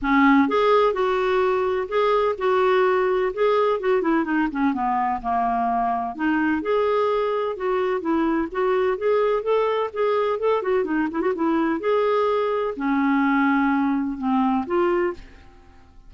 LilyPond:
\new Staff \with { instrumentName = "clarinet" } { \time 4/4 \tempo 4 = 127 cis'4 gis'4 fis'2 | gis'4 fis'2 gis'4 | fis'8 e'8 dis'8 cis'8 b4 ais4~ | ais4 dis'4 gis'2 |
fis'4 e'4 fis'4 gis'4 | a'4 gis'4 a'8 fis'8 dis'8 e'16 fis'16 | e'4 gis'2 cis'4~ | cis'2 c'4 f'4 | }